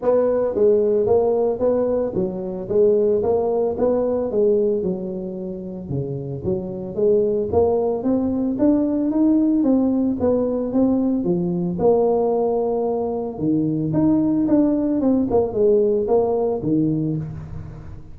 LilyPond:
\new Staff \with { instrumentName = "tuba" } { \time 4/4 \tempo 4 = 112 b4 gis4 ais4 b4 | fis4 gis4 ais4 b4 | gis4 fis2 cis4 | fis4 gis4 ais4 c'4 |
d'4 dis'4 c'4 b4 | c'4 f4 ais2~ | ais4 dis4 dis'4 d'4 | c'8 ais8 gis4 ais4 dis4 | }